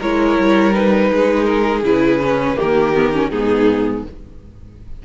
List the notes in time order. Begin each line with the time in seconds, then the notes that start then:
0.00 G#3 E4 A#4 C#5
0.39 G3
0.73 D#4 B4
1.12 G#3 G#4
1.45 A#4
1.83 C#3 E4 B4
2.21 C#4
2.56 D#3 A#3 G4 A#4
2.95 B3
3.14 C#4
3.30 G#2 B3 D#4 G#4